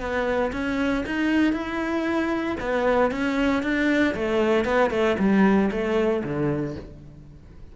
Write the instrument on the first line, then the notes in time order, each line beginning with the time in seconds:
cello
0.00 B3
0.53 C#4
1.06 D#4
1.53 E4
2.60 B3
3.12 C#4
3.63 D4
4.15 A3
4.65 B3
4.91 A3
5.19 G3
5.71 A3
6.24 D3